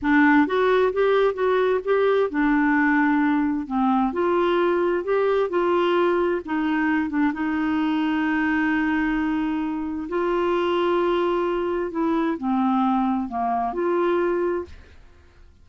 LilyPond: \new Staff \with { instrumentName = "clarinet" } { \time 4/4 \tempo 4 = 131 d'4 fis'4 g'4 fis'4 | g'4 d'2. | c'4 f'2 g'4 | f'2 dis'4. d'8 |
dis'1~ | dis'2 f'2~ | f'2 e'4 c'4~ | c'4 ais4 f'2 | }